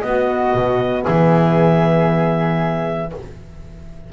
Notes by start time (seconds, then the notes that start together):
0.00 B3 F#4 D#5
0.54 B2
1.04 E3 G#4 E5